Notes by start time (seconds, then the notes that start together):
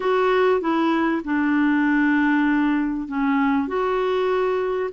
0.00 F#4
0.60 E4
1.24 D4
3.08 C#4
3.67 F#4